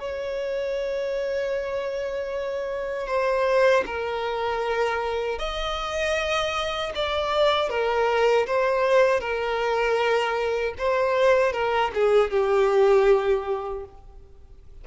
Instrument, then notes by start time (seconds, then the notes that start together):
violin
0.00 C#5
3.07 C5
3.86 A#4
5.39 D#5
6.95 D5
7.69 A#4
8.47 C5
9.20 A#4
10.78 C5
11.52 A#4
11.94 G#4
12.31 G4